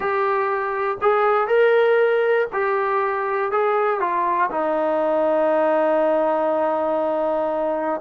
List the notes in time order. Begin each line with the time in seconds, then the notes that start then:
0.00 G4
1.01 G#4
1.47 A#4
2.52 G4
3.51 G#4
4.00 F4
4.50 D#4